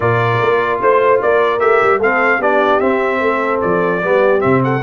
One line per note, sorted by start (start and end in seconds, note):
0.00 0.40 A#2
0.00 1.59 F4
0.00 0.80 A#4
0.00 0.80 D5
0.41 0.81 A#3
0.81 1.21 A3
0.81 1.21 C5
0.81 1.22 C5
1.21 1.61 A#3
1.21 1.98 A#4
1.21 1.59 D5
1.59 1.81 A3
1.59 1.99 G4
1.59 2.00 E5
1.82 1.99 G3
1.98 2.38 A3
1.98 2.41 C4
1.98 2.39 A4
1.98 2.41 F5
2.38 2.79 B3
2.38 2.80 D4
2.38 3.19 G4
2.38 2.80 D5
2.80 3.20 C4
2.80 4.01 C4
2.80 3.60 E5
3.20 3.60 A3
3.20 4.04 A4
3.61 4.04 F3
3.61 4.41 D5
4.02 4.44 G3
4.02 4.39 B3
4.02 4.63 G4
4.39 4.82 C3
4.39 4.79 C4
4.39 4.61 E5
4.63 4.82 A4
4.63 4.82 F#5